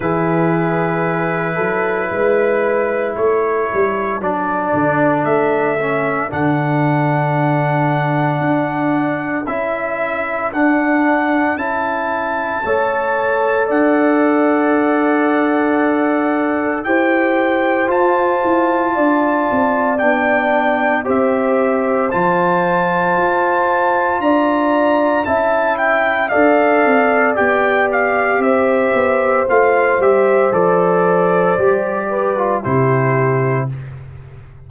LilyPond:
<<
  \new Staff \with { instrumentName = "trumpet" } { \time 4/4 \tempo 4 = 57 b'2. cis''4 | d''4 e''4 fis''2~ | fis''4 e''4 fis''4 a''4~ | a''4 fis''2. |
g''4 a''2 g''4 | e''4 a''2 ais''4 | a''8 g''8 f''4 g''8 f''8 e''4 | f''8 e''8 d''2 c''4 | }
  \new Staff \with { instrumentName = "horn" } { \time 4/4 gis'4. a'8 b'4 a'4~ | a'1~ | a'1 | cis''4 d''2. |
c''2 d''2 | c''2. d''4 | e''4 d''2 c''4~ | c''2~ c''8 b'8 g'4 | }
  \new Staff \with { instrumentName = "trombone" } { \time 4/4 e'1 | d'4. cis'8 d'2~ | d'4 e'4 d'4 e'4 | a'1 |
g'4 f'2 d'4 | g'4 f'2. | e'4 a'4 g'2 | f'8 g'8 a'4 g'8. f'16 e'4 | }
  \new Staff \with { instrumentName = "tuba" } { \time 4/4 e4. fis8 gis4 a8 g8 | fis8 d8 a4 d2 | d'4 cis'4 d'4 cis'4 | a4 d'2. |
e'4 f'8 e'8 d'8 c'8 b4 | c'4 f4 f'4 d'4 | cis'4 d'8 c'8 b4 c'8 b8 | a8 g8 f4 g4 c4 | }
>>